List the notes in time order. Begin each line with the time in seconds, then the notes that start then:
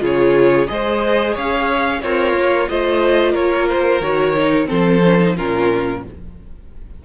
0.00 C#3 F4 G#4 C#5
0.68 G#3 G#4 C5 D#5
1.34 C#4 C#5 F5
2.02 C4 F4 A#4 C#5
2.34 A#3
2.69 A3 F4 C5 D#5
3.32 A#3 A#4 C#5
3.69 C5
4.01 D#3 F#4 C#5
4.37 D#4
4.66 F3 C4 A4 C5
5.05 C#4
5.20 D#4
5.37 A#2 C#4 F4 A#4